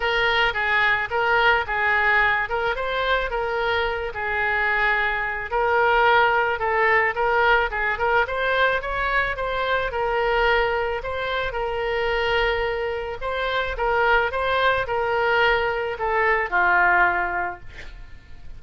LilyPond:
\new Staff \with { instrumentName = "oboe" } { \time 4/4 \tempo 4 = 109 ais'4 gis'4 ais'4 gis'4~ | gis'8 ais'8 c''4 ais'4. gis'8~ | gis'2 ais'2 | a'4 ais'4 gis'8 ais'8 c''4 |
cis''4 c''4 ais'2 | c''4 ais'2. | c''4 ais'4 c''4 ais'4~ | ais'4 a'4 f'2 | }